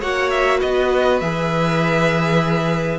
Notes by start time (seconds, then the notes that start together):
0.00 A#3 F#4 C#5 F#5
0.29 E5
0.58 B3 B4 D#5
1.19 E3 G#4 E5